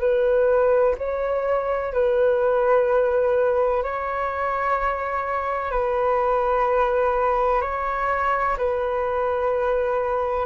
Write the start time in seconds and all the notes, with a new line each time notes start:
0.00 B4
0.98 C#5
1.94 B4
3.84 C#5
5.71 B4
7.62 C#5
8.58 B4